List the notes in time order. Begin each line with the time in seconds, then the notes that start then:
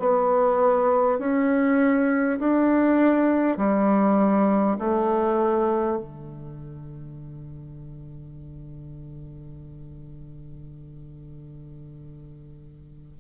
0.00 B3
1.19 C#4
2.40 D4
3.58 G3
4.79 A3
5.98 D3